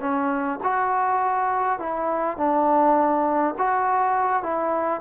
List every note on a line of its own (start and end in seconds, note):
0.00 0.59 C#4
0.63 1.79 F#4
1.79 2.37 E4
2.37 3.55 D4
3.58 4.43 F#4
4.43 5.01 E4